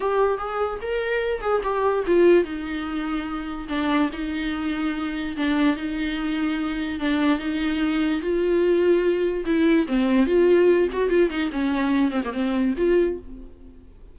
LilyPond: \new Staff \with { instrumentName = "viola" } { \time 4/4 \tempo 4 = 146 g'4 gis'4 ais'4. gis'8 | g'4 f'4 dis'2~ | dis'4 d'4 dis'2~ | dis'4 d'4 dis'2~ |
dis'4 d'4 dis'2 | f'2. e'4 | c'4 f'4. fis'8 f'8 dis'8 | cis'4. c'16 ais16 c'4 f'4 | }